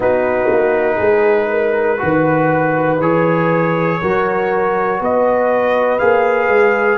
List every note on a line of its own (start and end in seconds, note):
0.00 0.50 B3
0.00 1.97 D#4
0.00 0.95 F#4
0.00 3.01 B4
0.51 0.99 A#3
0.95 1.99 G#3
0.95 1.45 G#4
1.50 2.00 A#4
1.97 2.99 D#3
1.97 2.97 F#4
1.97 4.00 B4
2.99 3.99 E3
2.99 4.01 G#4
2.99 5.01 C#5
4.00 5.00 F#3
4.00 5.99 F#4
4.00 4.99 A#4
4.99 6.00 B3
4.99 6.98 B4
4.99 5.99 D#5
5.99 6.48 A#3
5.99 6.98 G#4
5.99 6.98 F5
6.48 6.98 G#3